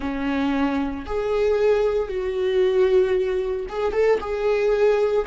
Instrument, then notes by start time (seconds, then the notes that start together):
viola
0.00 C#4
1.06 G#4
2.08 F#4
3.68 G#4
3.92 A4
4.20 G#4